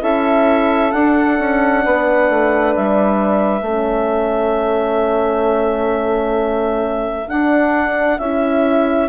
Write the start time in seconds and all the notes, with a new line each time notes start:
0.00 C#4 E4 A4 E5
0.92 D4 F#5
1.39 C#4
1.85 B3 B4
2.30 A3
2.75 G3 E5
3.62 A3 C#4 A4
7.28 D4 F#5
8.19 C#4 E4 E5